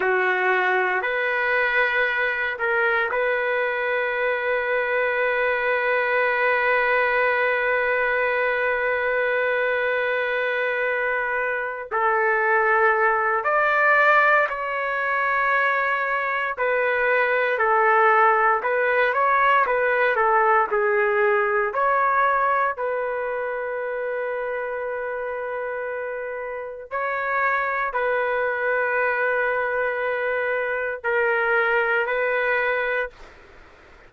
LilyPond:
\new Staff \with { instrumentName = "trumpet" } { \time 4/4 \tempo 4 = 58 fis'4 b'4. ais'8 b'4~ | b'1~ | b'2.~ b'8 a'8~ | a'4 d''4 cis''2 |
b'4 a'4 b'8 cis''8 b'8 a'8 | gis'4 cis''4 b'2~ | b'2 cis''4 b'4~ | b'2 ais'4 b'4 | }